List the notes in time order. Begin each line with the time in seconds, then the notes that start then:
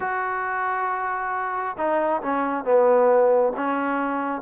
0.00 F#4
1.77 D#4
2.22 C#4
2.64 B3
3.56 C#4